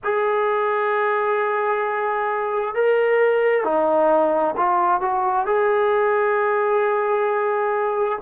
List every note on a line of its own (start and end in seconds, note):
0.03 2.74 G#4
2.74 3.64 A#4
3.64 4.55 D#4
4.57 5.00 F4
5.00 5.45 F#4
5.45 8.18 G#4